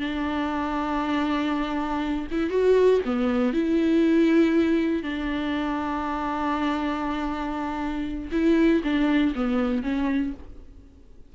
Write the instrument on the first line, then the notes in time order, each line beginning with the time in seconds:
viola
0.00 D4
2.31 E4
2.50 F#4
3.05 B3
3.53 E4
5.03 D4
8.32 E4
8.84 D4
9.35 B3
9.83 C#4